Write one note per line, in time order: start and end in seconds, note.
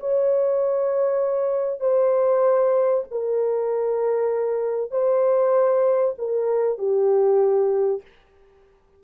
0.00 1.80 C#5
1.80 3.04 C5
3.11 4.91 A#4
4.91 6.15 C5
6.18 6.78 A#4
6.78 8.02 G4